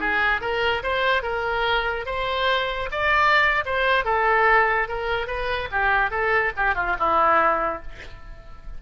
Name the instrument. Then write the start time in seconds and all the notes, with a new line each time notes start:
oboe
0.00 G#4
0.41 A#4
0.83 C5
1.23 A#4
2.06 C5
2.91 D5
3.66 C5
4.05 A4
4.89 A#4
5.27 B4
5.72 G4
6.11 A4
6.57 G4
6.75 F4
6.99 E4